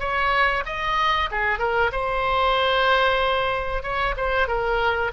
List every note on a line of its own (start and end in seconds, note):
0.00 0.64 C#5
0.66 1.30 D#5
1.32 1.59 G#4
1.59 1.91 A#4
1.93 3.83 C5
3.83 4.15 C#5
4.18 4.48 C5
4.48 5.12 A#4